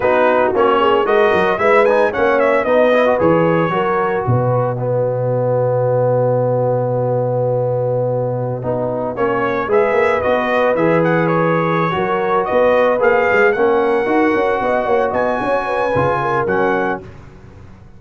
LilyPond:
<<
  \new Staff \with { instrumentName = "trumpet" } { \time 4/4 \tempo 4 = 113 b'4 cis''4 dis''4 e''8 gis''8 | fis''8 e''8 dis''4 cis''2 | dis''1~ | dis''1~ |
dis''4~ dis''16 cis''4 e''4 dis''8.~ | dis''16 e''8 fis''8 cis''2~ cis''16 dis''8~ | dis''8 f''4 fis''2~ fis''8~ | fis''8 gis''2~ gis''8 fis''4 | }
  \new Staff \with { instrumentName = "horn" } { \time 4/4 fis'4. gis'8 ais'4 b'4 | cis''4 b'2 ais'4 | b'4 fis'2.~ | fis'1~ |
fis'2~ fis'16 b'4.~ b'16~ | b'2~ b'8 ais'4 b'8~ | b'4. ais'2 dis''8 | cis''8 dis''8 cis''8 b'4 ais'4. | }
  \new Staff \with { instrumentName = "trombone" } { \time 4/4 dis'4 cis'4 fis'4 e'8 dis'8 | cis'4 dis'8 e'16 fis'16 gis'4 fis'4~ | fis'4 b2.~ | b1~ |
b16 dis'4 cis'4 gis'4 fis'8.~ | fis'16 gis'2~ gis'16 fis'4.~ | fis'8 gis'4 cis'4 fis'4.~ | fis'2 f'4 cis'4 | }
  \new Staff \with { instrumentName = "tuba" } { \time 4/4 b4 ais4 gis8 fis8 gis4 | ais4 b4 e4 fis4 | b,1~ | b,1~ |
b,16 b4 ais4 gis8 ais8 b8.~ | b16 e2~ e16 fis4 b8~ | b8 ais8 gis8 ais4 dis'8 cis'8 b8 | ais8 b8 cis'4 cis4 fis4 | }
>>